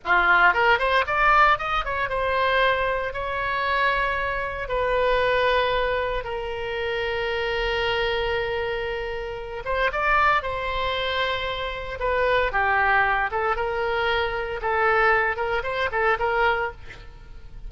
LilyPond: \new Staff \with { instrumentName = "oboe" } { \time 4/4 \tempo 4 = 115 f'4 ais'8 c''8 d''4 dis''8 cis''8 | c''2 cis''2~ | cis''4 b'2. | ais'1~ |
ais'2~ ais'8 c''8 d''4 | c''2. b'4 | g'4. a'8 ais'2 | a'4. ais'8 c''8 a'8 ais'4 | }